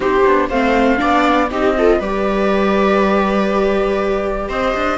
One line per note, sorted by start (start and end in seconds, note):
0.00 0.23 C4
0.00 0.22 D#4
0.00 0.46 G4
0.00 0.48 C5
0.25 0.50 B3
0.25 0.50 D4
0.49 1.00 A3
0.49 0.97 C4
0.49 0.99 C5
0.49 1.49 F5
0.97 1.51 B3
0.97 1.47 D4
0.97 1.50 D5
1.51 1.99 C4
1.51 1.76 D#4
1.51 1.76 G4
1.51 2.00 D#5
1.77 2.01 F4
1.77 1.98 A4
1.98 4.49 G3
1.98 4.97 G4
1.98 4.48 B4
1.98 4.49 D5
4.48 4.74 C4
4.48 4.97 C5
4.48 4.97 D#5
4.74 4.97 D4